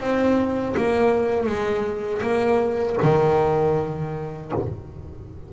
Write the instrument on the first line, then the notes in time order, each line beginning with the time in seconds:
double bass
0.00 C4
0.77 A#3
1.47 G#3
2.22 A#3
3.02 D#3